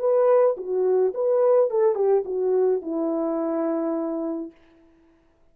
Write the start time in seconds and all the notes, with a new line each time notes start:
0.00 B4
0.57 F#4
1.15 B4
1.71 A4
1.96 G4
2.25 F#4
2.82 E4